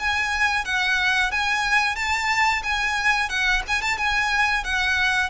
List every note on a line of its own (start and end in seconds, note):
0.00 0.65 G#5
0.65 1.32 F#5
1.32 1.96 G#5
1.96 2.63 A5
2.64 3.30 G#5
3.30 3.63 F#5
3.68 3.82 G#5
3.82 3.98 A5
3.98 4.65 G#5
4.65 5.30 F#5